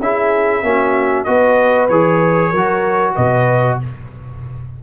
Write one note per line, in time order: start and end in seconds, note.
0.00 0.63 C#4
0.00 0.64 E4
0.00 0.65 G#4
0.00 1.24 E5
0.63 1.26 A#3
0.63 1.26 C#4
0.63 1.27 F#4
1.24 1.90 B3
1.24 1.90 F#4
1.24 2.51 B4
1.24 1.88 D#5
1.89 2.53 E3
1.89 2.55 G#4
1.89 3.15 C#5
2.51 3.16 F#3
2.51 3.84 F#4
2.51 3.14 A#4
3.15 3.81 B2
3.15 3.79 B4
3.15 3.79 D#5